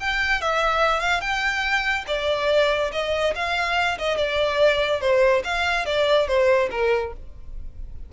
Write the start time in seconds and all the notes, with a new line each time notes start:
0.00 G5
0.41 E5
1.00 F5
1.21 G5
2.07 D5
2.92 D#5
3.35 F5
3.98 D#5
4.17 D5
5.01 C5
5.44 F5
5.86 D5
6.27 C5
6.71 A#4